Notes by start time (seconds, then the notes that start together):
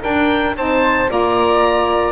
0.00 D4 A#4 G5
0.56 C4 D#4 C5 A5
1.08 A#3 F4 D5 A#5